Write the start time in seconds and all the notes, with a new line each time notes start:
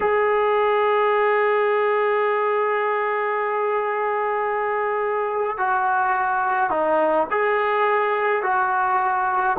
0.00 G#4
5.57 F#4
6.70 D#4
7.30 G#4
8.42 F#4